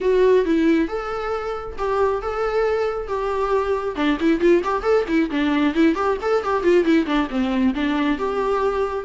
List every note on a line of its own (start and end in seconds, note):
0.01 0.45 F#4
0.45 0.88 E4
0.88 1.76 A4
1.78 2.22 G4
2.22 3.07 A4
3.07 3.95 G4
3.95 4.17 D4
4.20 4.40 E4
4.40 4.62 F4
4.64 4.82 G4
4.82 5.05 A4
5.08 5.30 E4
5.30 5.74 D4
5.74 5.95 E4
5.95 6.17 G4
6.21 6.43 A4
6.43 6.63 G4
6.63 6.84 F4
6.84 7.05 E4
7.05 7.28 D4
7.30 7.74 C4
7.74 8.18 D4
8.18 9.05 G4